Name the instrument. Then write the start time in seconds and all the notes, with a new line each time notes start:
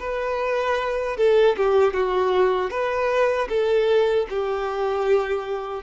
violin
0.00 B4
1.17 A4
1.57 G4
1.94 F#4
2.71 B4
3.49 A4
4.30 G4